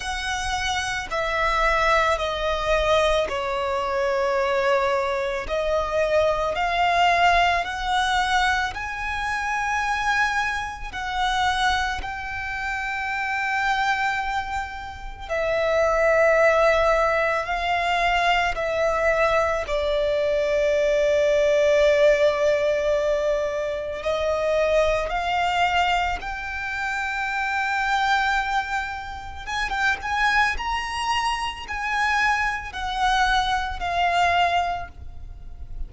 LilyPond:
\new Staff \with { instrumentName = "violin" } { \time 4/4 \tempo 4 = 55 fis''4 e''4 dis''4 cis''4~ | cis''4 dis''4 f''4 fis''4 | gis''2 fis''4 g''4~ | g''2 e''2 |
f''4 e''4 d''2~ | d''2 dis''4 f''4 | g''2. gis''16 g''16 gis''8 | ais''4 gis''4 fis''4 f''4 | }